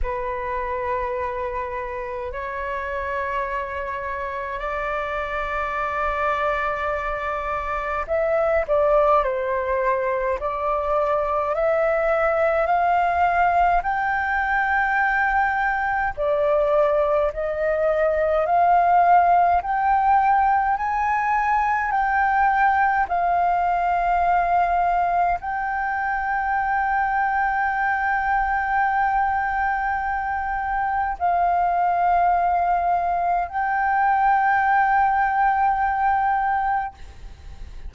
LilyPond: \new Staff \with { instrumentName = "flute" } { \time 4/4 \tempo 4 = 52 b'2 cis''2 | d''2. e''8 d''8 | c''4 d''4 e''4 f''4 | g''2 d''4 dis''4 |
f''4 g''4 gis''4 g''4 | f''2 g''2~ | g''2. f''4~ | f''4 g''2. | }